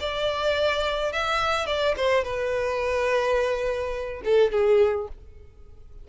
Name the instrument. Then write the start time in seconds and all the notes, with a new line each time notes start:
violin
0.00 D5
1.12 E5
1.66 D5
1.97 C5
2.24 B4
4.24 A4
4.51 G#4